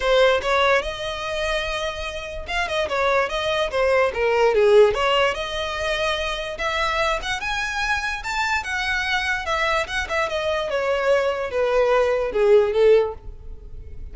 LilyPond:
\new Staff \with { instrumentName = "violin" } { \time 4/4 \tempo 4 = 146 c''4 cis''4 dis''2~ | dis''2 f''8 dis''8 cis''4 | dis''4 c''4 ais'4 gis'4 | cis''4 dis''2. |
e''4. fis''8 gis''2 | a''4 fis''2 e''4 | fis''8 e''8 dis''4 cis''2 | b'2 gis'4 a'4 | }